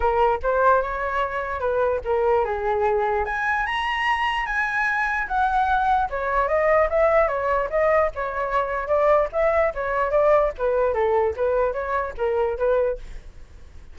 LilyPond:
\new Staff \with { instrumentName = "flute" } { \time 4/4 \tempo 4 = 148 ais'4 c''4 cis''2 | b'4 ais'4 gis'2 | gis''4 ais''2 gis''4~ | gis''4 fis''2 cis''4 |
dis''4 e''4 cis''4 dis''4 | cis''2 d''4 e''4 | cis''4 d''4 b'4 a'4 | b'4 cis''4 ais'4 b'4 | }